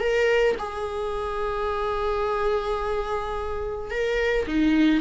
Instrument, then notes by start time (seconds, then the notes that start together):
viola
0.00 A#4
0.59 G#4
3.91 A#4
4.47 D#4